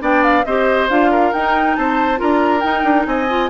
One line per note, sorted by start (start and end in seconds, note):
0.00 0.44 B3
0.00 0.43 D4
0.00 0.45 D5
0.00 0.24 G5
0.24 0.45 F5
0.45 0.89 C4
0.45 0.89 G4
0.45 1.11 C5
0.45 0.89 D#5
0.89 1.33 D4
0.89 1.33 F4
0.89 1.33 F5
1.11 1.76 A#4
1.33 1.77 D#4
1.33 2.16 D#4
1.33 1.75 G5
1.75 2.20 C4
1.75 2.20 C5
1.75 2.19 A5
2.16 2.64 D4
2.16 2.60 F4
2.16 3.07 A#4
2.16 2.60 A#5
2.60 3.28 D#4
2.60 2.84 D#4
2.60 3.04 G5
2.84 3.06 D4
3.06 3.49 C4
3.06 3.49 D#5
3.06 3.49 G#5
3.29 3.49 F4